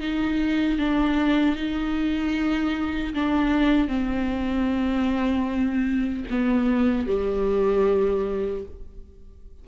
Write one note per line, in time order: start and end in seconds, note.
0.00 0.79 D#4
0.79 1.56 D4
1.56 3.14 D#4
3.15 3.88 D4
3.88 6.25 C4
6.31 7.07 B3
7.07 8.65 G3